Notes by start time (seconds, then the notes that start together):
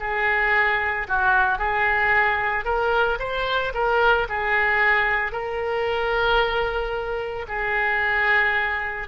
0.00 G#4
1.08 F#4
1.58 G#4
2.64 A#4
3.19 C5
3.74 A#4
4.29 G#4
5.32 A#4
7.48 G#4